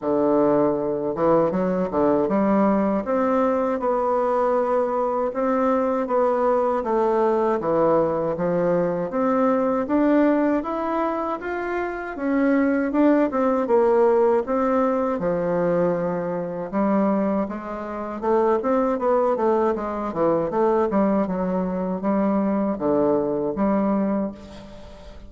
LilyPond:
\new Staff \with { instrumentName = "bassoon" } { \time 4/4 \tempo 4 = 79 d4. e8 fis8 d8 g4 | c'4 b2 c'4 | b4 a4 e4 f4 | c'4 d'4 e'4 f'4 |
cis'4 d'8 c'8 ais4 c'4 | f2 g4 gis4 | a8 c'8 b8 a8 gis8 e8 a8 g8 | fis4 g4 d4 g4 | }